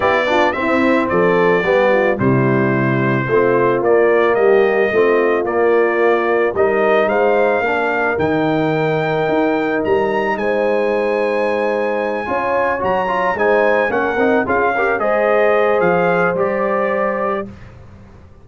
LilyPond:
<<
  \new Staff \with { instrumentName = "trumpet" } { \time 4/4 \tempo 4 = 110 d''4 e''4 d''2 | c''2. d''4 | dis''2 d''2 | dis''4 f''2 g''4~ |
g''2 ais''4 gis''4~ | gis''2.~ gis''8 ais''8~ | ais''8 gis''4 fis''4 f''4 dis''8~ | dis''4 f''4 d''2 | }
  \new Staff \with { instrumentName = "horn" } { \time 4/4 g'8 f'8 e'4 a'4 g'8 f'8 | e'2 f'2 | g'4 f'2. | ais'4 c''4 ais'2~ |
ais'2. c''4~ | c''2~ c''8 cis''4.~ | cis''8 c''4 ais'4 gis'8 ais'8 c''8~ | c''1 | }
  \new Staff \with { instrumentName = "trombone" } { \time 4/4 e'8 d'8 c'2 b4 | g2 c'4 ais4~ | ais4 c'4 ais2 | dis'2 d'4 dis'4~ |
dis'1~ | dis'2~ dis'8 f'4 fis'8 | f'8 dis'4 cis'8 dis'8 f'8 g'8 gis'8~ | gis'2 g'2 | }
  \new Staff \with { instrumentName = "tuba" } { \time 4/4 b4 c'4 f4 g4 | c2 a4 ais4 | g4 a4 ais2 | g4 gis4 ais4 dis4~ |
dis4 dis'4 g4 gis4~ | gis2~ gis8 cis'4 fis8~ | fis8 gis4 ais8 c'8 cis'4 gis8~ | gis4 f4 g2 | }
>>